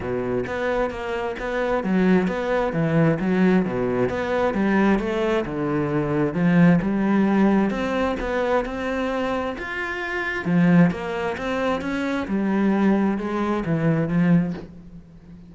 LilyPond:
\new Staff \with { instrumentName = "cello" } { \time 4/4 \tempo 4 = 132 b,4 b4 ais4 b4 | fis4 b4 e4 fis4 | b,4 b4 g4 a4 | d2 f4 g4~ |
g4 c'4 b4 c'4~ | c'4 f'2 f4 | ais4 c'4 cis'4 g4~ | g4 gis4 e4 f4 | }